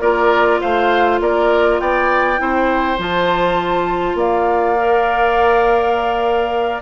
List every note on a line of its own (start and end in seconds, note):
0.00 0.59 A#3
0.00 2.37 F4
0.00 0.60 A#4
0.00 0.60 D5
0.60 1.20 A3
0.60 1.20 C5
0.60 1.20 F5
1.20 1.80 A#3
1.20 1.81 A#4
1.20 1.80 D5
1.80 2.40 B3
1.80 2.41 D5
1.80 2.99 G5
2.37 2.99 C4
2.37 2.97 E4
2.37 4.18 C5
2.98 4.14 F3
2.98 4.77 F4
2.98 4.18 A5
4.14 6.82 A#3
4.14 6.82 D5
4.14 6.82 F5
4.77 6.82 A#4